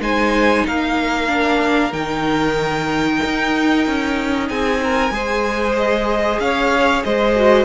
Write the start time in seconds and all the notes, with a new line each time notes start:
0.00 G#3 D#4 C5 G#5
0.67 A#3 A#4 F5
1.28 D4
1.92 D#3 D#4 G5
3.25 D#4
3.87 C#4
4.49 C4 G#4 G#5
4.84 A#4
5.11 G#3 G#4 C5
5.77 D#5
6.40 C#4 C#5 F5
7.04 G#3 C5 D#5
7.36 F#4